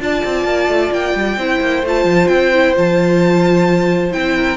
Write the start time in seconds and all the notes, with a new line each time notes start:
0.00 D4 F4 D5 A5
0.25 C4
0.44 A#3
0.68 A3
0.91 A#3 G5
1.14 G3
1.37 C4 E4 C5
1.61 A#3
1.83 A3 F4 A5
2.04 F3
2.28 C4 G5
2.53 E4
2.75 F3 F4 A5
4.11 C4 E4 G5
4.35 A#4